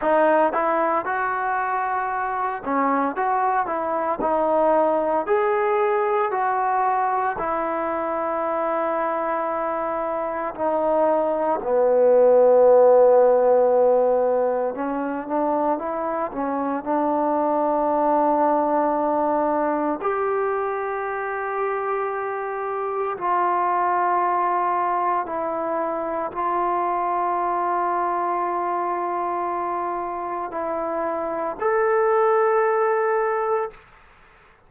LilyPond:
\new Staff \with { instrumentName = "trombone" } { \time 4/4 \tempo 4 = 57 dis'8 e'8 fis'4. cis'8 fis'8 e'8 | dis'4 gis'4 fis'4 e'4~ | e'2 dis'4 b4~ | b2 cis'8 d'8 e'8 cis'8 |
d'2. g'4~ | g'2 f'2 | e'4 f'2.~ | f'4 e'4 a'2 | }